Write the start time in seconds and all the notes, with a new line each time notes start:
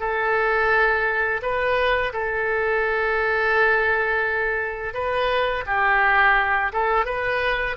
0.00 A4
1.42 B4
2.13 A4
4.94 B4
5.66 G4
6.73 A4
7.06 B4